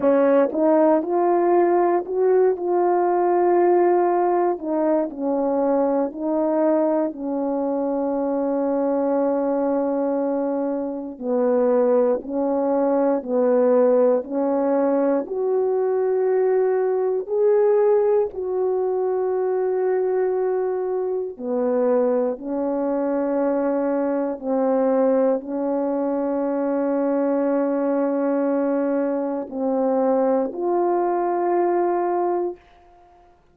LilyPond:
\new Staff \with { instrumentName = "horn" } { \time 4/4 \tempo 4 = 59 cis'8 dis'8 f'4 fis'8 f'4.~ | f'8 dis'8 cis'4 dis'4 cis'4~ | cis'2. b4 | cis'4 b4 cis'4 fis'4~ |
fis'4 gis'4 fis'2~ | fis'4 b4 cis'2 | c'4 cis'2.~ | cis'4 c'4 f'2 | }